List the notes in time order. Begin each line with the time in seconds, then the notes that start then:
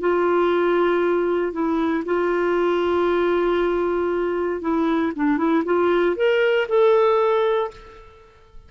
0.00 F4
1.52 E4
2.05 F4
4.61 E4
5.16 D4
5.38 E4
5.65 F4
6.16 A#4
6.68 A4